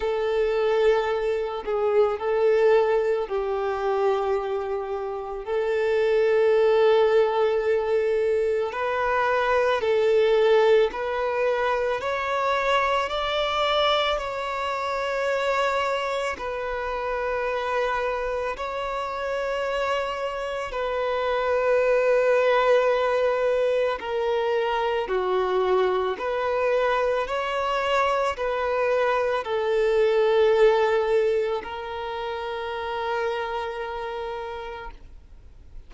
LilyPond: \new Staff \with { instrumentName = "violin" } { \time 4/4 \tempo 4 = 55 a'4. gis'8 a'4 g'4~ | g'4 a'2. | b'4 a'4 b'4 cis''4 | d''4 cis''2 b'4~ |
b'4 cis''2 b'4~ | b'2 ais'4 fis'4 | b'4 cis''4 b'4 a'4~ | a'4 ais'2. | }